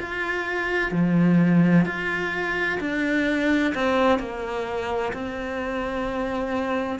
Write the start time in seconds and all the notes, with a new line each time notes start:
0.00 F4
0.92 F3
1.85 F4
2.80 D4
3.75 C4
4.19 A#3
5.13 C4